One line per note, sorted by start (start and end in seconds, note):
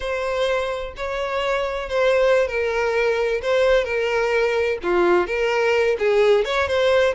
0.00 0.94 C5
0.96 1.89 C#5
1.89 2.47 C5
2.47 3.41 A#4
3.41 3.84 C5
3.84 4.78 A#4
4.82 5.26 F4
5.26 5.97 A#4
5.99 6.44 G#4
6.44 6.67 C#5
6.67 7.14 C5